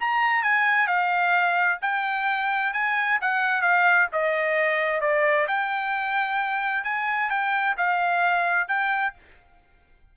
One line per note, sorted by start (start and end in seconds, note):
0.00 0.43 A#5
0.43 0.87 G#5
0.87 1.79 F5
1.82 2.73 G5
2.74 3.19 G#5
3.21 3.62 F#5
3.62 4.08 F5
4.12 5.01 D#5
5.01 5.47 D5
5.48 6.84 G5
6.84 7.30 G#5
7.30 7.76 G5
7.77 8.68 F5
8.68 9.14 G5